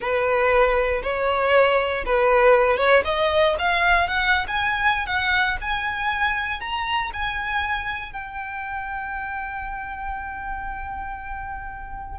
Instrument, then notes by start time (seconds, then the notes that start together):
violin
0.00 B4
1.02 C#5
2.05 B4
2.77 C#5
3.05 D#5
3.58 F5
4.07 F#5
4.47 G#5
5.06 F#5
5.61 G#5
6.60 A#5
7.13 G#5
8.12 G5